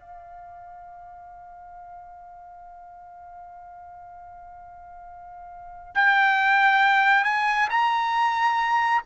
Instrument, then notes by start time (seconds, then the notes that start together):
trumpet
0.00 F5
5.95 G5
7.25 G#5
7.70 A#5